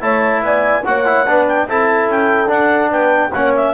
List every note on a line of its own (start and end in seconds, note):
0.00 0.42 A3
0.00 0.83 E4
0.00 0.43 C#5
0.00 0.42 A5
0.42 0.83 B3
0.42 0.86 D5
0.42 0.84 G#5
0.84 1.26 A#3
0.84 1.05 F#4
0.84 1.28 C#5
0.84 1.46 F#5
1.05 1.26 E4
1.26 1.66 B3
1.26 1.68 D4
1.26 1.68 B4
1.47 1.67 G5
1.66 2.07 C4
1.66 2.46 E4
1.66 2.92 A4
1.66 2.09 A5
2.07 2.48 C#4
2.07 2.49 G5
2.46 3.29 D4
2.46 2.90 D4
2.46 2.91 F#5
2.90 3.32 B3
2.90 3.33 B4
2.90 3.32 G5
3.32 3.73 A#3
3.32 3.73 C#4
3.32 3.73 C#5
3.32 3.52 F#5
3.55 3.73 E5